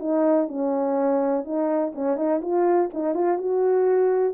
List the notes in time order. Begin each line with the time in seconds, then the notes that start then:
0.00 D#4
0.48 C#4
1.45 D#4
1.95 C#4
2.17 D#4
2.42 F4
2.94 D#4
3.15 F4
3.38 F#4